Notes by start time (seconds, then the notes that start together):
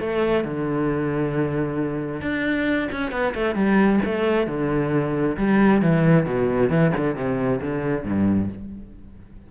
0.00 A3
0.45 D3
2.22 D4
2.92 C#4
3.12 B3
3.34 A3
3.55 G3
4.05 A3
4.47 D3
5.37 G3
5.82 E3
6.26 B2
6.70 E3
6.97 D3
7.16 C3
7.61 D3
8.05 G2